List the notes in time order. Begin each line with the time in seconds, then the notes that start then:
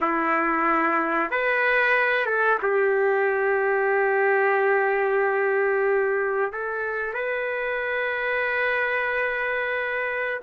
0.01 E4
1.30 B4
2.26 A4
2.62 G4
6.52 A4
7.14 B4